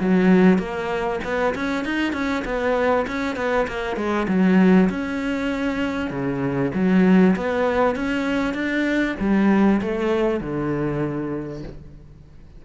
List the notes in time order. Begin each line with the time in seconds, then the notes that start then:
0.00 F#3
0.58 A#3
1.24 B3
1.55 C#4
1.85 D#4
2.13 C#4
2.45 B3
3.07 C#4
3.36 B3
3.68 A#3
3.96 G#3
4.28 F#3
4.90 C#4
6.10 C#3
6.75 F#3
7.36 B3
7.96 C#4
8.54 D4
9.20 G3
9.82 A3
10.41 D3